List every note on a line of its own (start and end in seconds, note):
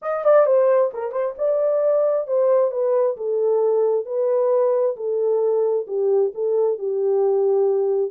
0.01 0.24 D#5
0.24 0.46 D5
0.46 0.91 C5
0.93 1.12 A#4
1.12 1.34 C5
1.38 2.27 D5
2.27 2.71 C5
2.71 3.16 B4
3.16 4.05 A4
4.05 4.95 B4
4.96 5.86 A4
5.87 6.32 G4
6.34 6.78 A4
6.78 8.11 G4